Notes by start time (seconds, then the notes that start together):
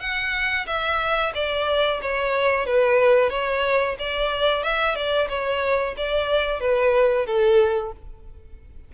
0.00 F#5
0.67 E5
1.35 D5
2.02 C#5
2.66 B4
3.30 C#5
3.99 D5
4.63 E5
4.95 D5
5.29 C#5
5.97 D5
6.60 B4
7.26 A4